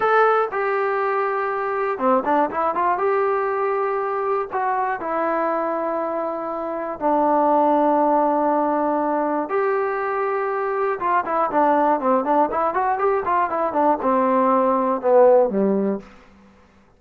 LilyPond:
\new Staff \with { instrumentName = "trombone" } { \time 4/4 \tempo 4 = 120 a'4 g'2. | c'8 d'8 e'8 f'8 g'2~ | g'4 fis'4 e'2~ | e'2 d'2~ |
d'2. g'4~ | g'2 f'8 e'8 d'4 | c'8 d'8 e'8 fis'8 g'8 f'8 e'8 d'8 | c'2 b4 g4 | }